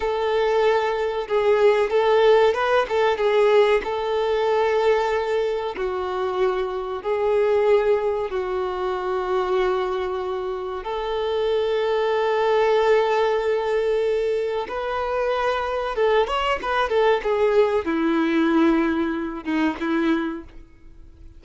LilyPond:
\new Staff \with { instrumentName = "violin" } { \time 4/4 \tempo 4 = 94 a'2 gis'4 a'4 | b'8 a'8 gis'4 a'2~ | a'4 fis'2 gis'4~ | gis'4 fis'2.~ |
fis'4 a'2.~ | a'2. b'4~ | b'4 a'8 cis''8 b'8 a'8 gis'4 | e'2~ e'8 dis'8 e'4 | }